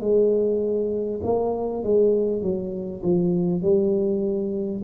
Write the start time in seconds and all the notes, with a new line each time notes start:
0.00 G#3
1.23 A#3
1.83 G#3
2.42 F#3
3.03 F3
3.62 G3